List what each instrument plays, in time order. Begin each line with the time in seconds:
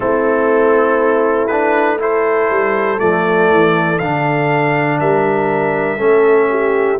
0.00 tuba A3, trombone C4, horn E4, trumpet A4
1.47 trombone D4, trumpet B4
1.99 trombone E4, horn A4, trumpet C5
2.49 tuba G3
2.97 tuba F3, trombone A3, trumpet D5
3.50 tuba E3
3.98 tuba D3, trombone D4, trumpet F5
4.99 tuba G3, horn A#4, trumpet E5
5.97 tuba A3, trombone C#4, horn A4
6.50 horn G4